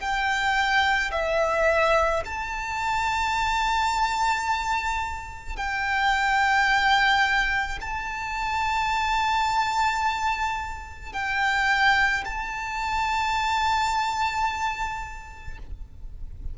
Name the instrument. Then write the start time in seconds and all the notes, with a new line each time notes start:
violin
0.00 G5
1.12 E5
2.25 A5
5.57 G5
7.81 A5
11.13 G5
12.25 A5